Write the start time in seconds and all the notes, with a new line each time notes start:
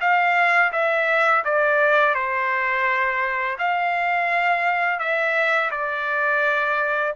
0.00 F5
0.72 E5
1.44 D5
2.14 C5
3.58 F5
4.99 E5
5.71 D5